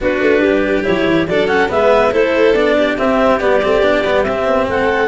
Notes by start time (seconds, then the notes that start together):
0.00 B3 D4 F#4 B4
0.21 A3
0.39 G3 G4
0.83 F#3 E4 C#5
1.04 E3
1.27 F#3 D4 A4 D5
1.47 C#4 F#5
1.68 G#3 B3 E5
1.74 B4
2.11 A3 E4 A4 C5
2.54 B3 D4 D5
2.78 G4
2.97 C4 E5
3.40 G3 B3 D5
3.62 A3 C4
3.81 B3 D4
4.04 G3 B3
4.23 C4 E5
4.45 B3
4.68 A3 A4 F#5